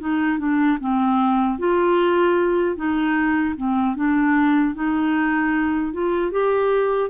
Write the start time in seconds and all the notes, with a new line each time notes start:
0.00 D#4
0.39 D4
0.80 C4
1.59 F4
2.76 D#4
3.56 C4
3.96 D4
4.75 D#4
5.93 F4
6.32 G4